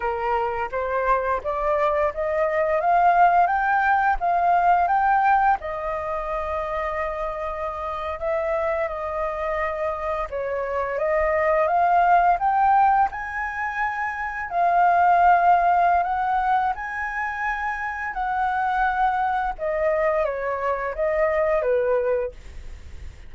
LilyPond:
\new Staff \with { instrumentName = "flute" } { \time 4/4 \tempo 4 = 86 ais'4 c''4 d''4 dis''4 | f''4 g''4 f''4 g''4 | dis''2.~ dis''8. e''16~ | e''8. dis''2 cis''4 dis''16~ |
dis''8. f''4 g''4 gis''4~ gis''16~ | gis''8. f''2~ f''16 fis''4 | gis''2 fis''2 | dis''4 cis''4 dis''4 b'4 | }